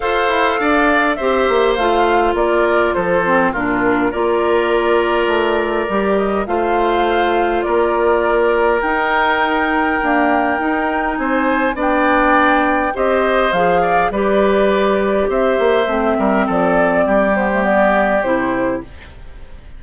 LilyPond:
<<
  \new Staff \with { instrumentName = "flute" } { \time 4/4 \tempo 4 = 102 f''2 e''4 f''4 | d''4 c''4 ais'4 d''4~ | d''2~ d''8 dis''8 f''4~ | f''4 d''2 g''4~ |
g''2. gis''4 | g''2 dis''4 f''4 | d''2 e''2 | d''4. c''8 d''4 c''4 | }
  \new Staff \with { instrumentName = "oboe" } { \time 4/4 c''4 d''4 c''2 | ais'4 a'4 f'4 ais'4~ | ais'2. c''4~ | c''4 ais'2.~ |
ais'2. c''4 | d''2 c''4. d''8 | b'2 c''4. ais'8 | a'4 g'2. | }
  \new Staff \with { instrumentName = "clarinet" } { \time 4/4 a'2 g'4 f'4~ | f'4. c'8 d'4 f'4~ | f'2 g'4 f'4~ | f'2. dis'4~ |
dis'4 ais4 dis'2 | d'2 g'4 gis'4 | g'2. c'4~ | c'4. b16 a16 b4 e'4 | }
  \new Staff \with { instrumentName = "bassoon" } { \time 4/4 f'8 e'8 d'4 c'8 ais8 a4 | ais4 f4 ais,4 ais4~ | ais4 a4 g4 a4~ | a4 ais2 dis'4~ |
dis'4 d'4 dis'4 c'4 | b2 c'4 f4 | g2 c'8 ais8 a8 g8 | f4 g2 c4 | }
>>